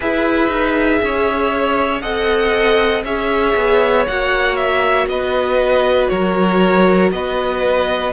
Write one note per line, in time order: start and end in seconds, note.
0.00 0.48 E4
0.00 2.01 G#4
0.00 1.00 B4
0.00 2.01 E5
0.48 0.99 D#4
1.02 2.02 C#4
1.02 2.02 C#5
2.01 3.03 C4
2.01 3.04 A4
2.01 3.03 D#5
2.01 3.03 F#5
3.03 3.54 C#4
3.03 4.07 G#4
3.03 5.08 C#5
3.03 4.06 E5
3.55 4.06 B3
4.07 5.06 A#3
4.07 8.13 F#4
4.07 4.56 F#5
4.56 5.06 E5
5.06 6.08 B3
5.06 6.11 B4
5.06 6.08 D#5
6.08 7.12 F#3
6.08 7.12 A#4
6.08 7.10 C#5
7.11 8.13 B3
7.11 8.13 B4
7.11 8.13 D#5